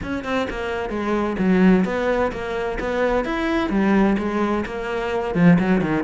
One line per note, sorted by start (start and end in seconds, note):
0.02 0.24 C#4
0.24 0.47 C4
0.49 0.89 A#3
0.89 1.36 G#3
1.38 1.85 F#3
1.85 2.31 B3
2.32 2.78 A#3
2.79 3.24 B3
3.24 3.69 E4
3.69 4.16 G3
4.18 4.64 G#3
4.65 5.34 A#3
5.34 5.58 F3
5.59 5.81 F#3
5.81 6.03 D#3